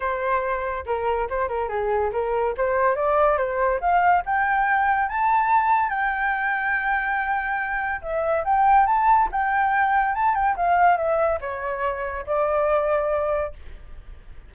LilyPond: \new Staff \with { instrumentName = "flute" } { \time 4/4 \tempo 4 = 142 c''2 ais'4 c''8 ais'8 | gis'4 ais'4 c''4 d''4 | c''4 f''4 g''2 | a''2 g''2~ |
g''2. e''4 | g''4 a''4 g''2 | a''8 g''8 f''4 e''4 cis''4~ | cis''4 d''2. | }